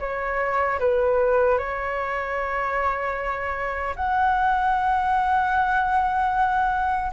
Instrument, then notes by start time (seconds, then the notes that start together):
flute
0.00 C#5
0.80 B4
1.59 C#5
3.96 F#5